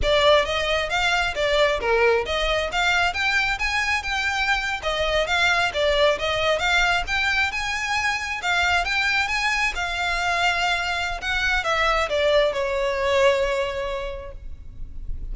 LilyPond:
\new Staff \with { instrumentName = "violin" } { \time 4/4 \tempo 4 = 134 d''4 dis''4 f''4 d''4 | ais'4 dis''4 f''4 g''4 | gis''4 g''4.~ g''16 dis''4 f''16~ | f''8. d''4 dis''4 f''4 g''16~ |
g''8. gis''2 f''4 g''16~ | g''8. gis''4 f''2~ f''16~ | f''4 fis''4 e''4 d''4 | cis''1 | }